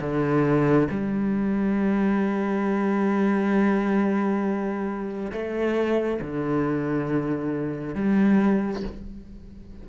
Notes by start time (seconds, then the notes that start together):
0.00 D3
0.91 G3
5.32 A3
6.21 D3
7.95 G3